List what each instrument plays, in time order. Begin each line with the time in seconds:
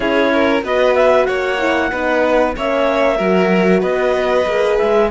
0.00 cello C#4, horn E4, violin G#4, clarinet C#5
0.32 violin A#4
0.63 cello B3, horn F#4, violin B4, clarinet D#5
0.94 clarinet E5
1.25 cello A#3, violin C#5, clarinet F#5
1.58 horn E4
1.91 cello B3, horn D#4, violin B4
2.56 cello A#3, horn C#4, violin C#5, clarinet E5
3.16 cello F#3, horn F#4, violin A#4
3.80 cello B3, violin B4, clarinet D#5
4.46 cello A#3, horn G#4
4.78 cello G#3, clarinet E5